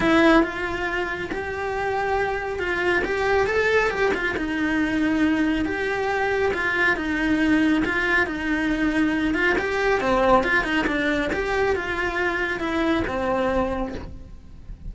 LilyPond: \new Staff \with { instrumentName = "cello" } { \time 4/4 \tempo 4 = 138 e'4 f'2 g'4~ | g'2 f'4 g'4 | a'4 g'8 f'8 dis'2~ | dis'4 g'2 f'4 |
dis'2 f'4 dis'4~ | dis'4. f'8 g'4 c'4 | f'8 dis'8 d'4 g'4 f'4~ | f'4 e'4 c'2 | }